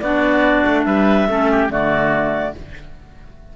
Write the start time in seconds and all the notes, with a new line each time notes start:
0.00 B3 D4 F#4 D5
0.66 A3
0.84 G3 B4 E5
1.28 A3 C#4 A4
1.51 G4
1.69 D3 A3 F#4 D5